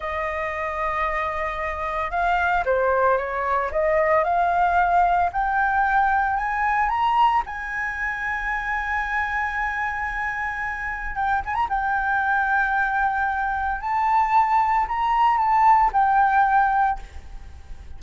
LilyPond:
\new Staff \with { instrumentName = "flute" } { \time 4/4 \tempo 4 = 113 dis''1 | f''4 c''4 cis''4 dis''4 | f''2 g''2 | gis''4 ais''4 gis''2~ |
gis''1~ | gis''4 g''8 gis''16 ais''16 g''2~ | g''2 a''2 | ais''4 a''4 g''2 | }